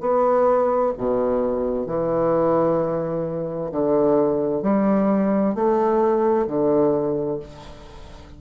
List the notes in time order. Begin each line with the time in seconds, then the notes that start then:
0.00 B3
0.97 B2
1.86 E3
3.72 D3
4.62 G3
5.55 A3
6.47 D3